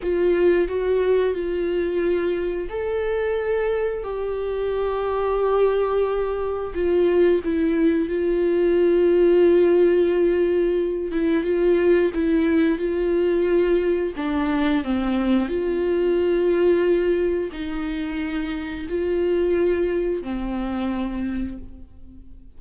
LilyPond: \new Staff \with { instrumentName = "viola" } { \time 4/4 \tempo 4 = 89 f'4 fis'4 f'2 | a'2 g'2~ | g'2 f'4 e'4 | f'1~ |
f'8 e'8 f'4 e'4 f'4~ | f'4 d'4 c'4 f'4~ | f'2 dis'2 | f'2 c'2 | }